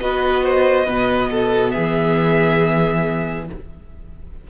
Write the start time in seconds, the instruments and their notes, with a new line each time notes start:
0.00 cello B3, viola F#4, violin B4 D#5
0.44 violin C5
0.86 cello B2, viola B3, violin B4
1.31 violin A4
1.71 cello E3, violin G#4 E5